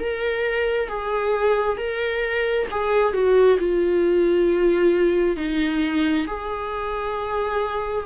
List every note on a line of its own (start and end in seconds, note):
0.00 0.89 A#4
0.89 1.77 G#4
1.77 2.67 A#4
2.71 3.14 G#4
3.14 3.59 F#4
3.59 5.37 F4
5.37 6.26 D#4
6.27 8.06 G#4